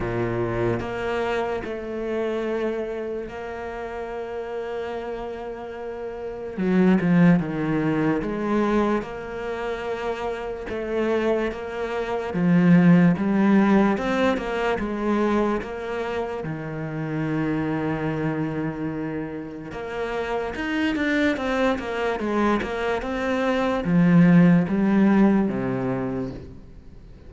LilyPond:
\new Staff \with { instrumentName = "cello" } { \time 4/4 \tempo 4 = 73 ais,4 ais4 a2 | ais1 | fis8 f8 dis4 gis4 ais4~ | ais4 a4 ais4 f4 |
g4 c'8 ais8 gis4 ais4 | dis1 | ais4 dis'8 d'8 c'8 ais8 gis8 ais8 | c'4 f4 g4 c4 | }